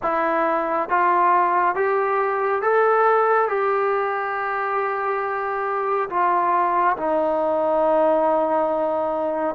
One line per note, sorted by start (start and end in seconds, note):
0.02 0.89 E4
0.89 1.75 F4
1.75 2.62 G4
2.62 3.48 A4
3.48 6.09 G4
6.09 6.96 F4
6.96 9.55 D#4